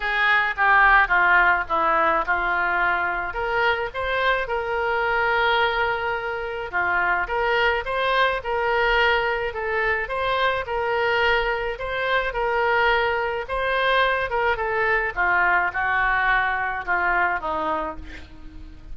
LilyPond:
\new Staff \with { instrumentName = "oboe" } { \time 4/4 \tempo 4 = 107 gis'4 g'4 f'4 e'4 | f'2 ais'4 c''4 | ais'1 | f'4 ais'4 c''4 ais'4~ |
ais'4 a'4 c''4 ais'4~ | ais'4 c''4 ais'2 | c''4. ais'8 a'4 f'4 | fis'2 f'4 dis'4 | }